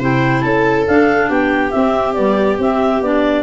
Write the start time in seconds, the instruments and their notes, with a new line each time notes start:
0.00 tuba C3, clarinet E4 G5, viola C5
0.41 tuba C#4, viola A4, clarinet A5
0.88 clarinet D4 F5, tuba D4
1.29 tuba B3, viola G4, clarinet G5
1.71 clarinet C4 E5, tuba C4
2.14 clarinet G3 D5, tuba B3
2.59 tuba C4, clarinet C4 E5
3.01 tuba B3, clarinet D4 D5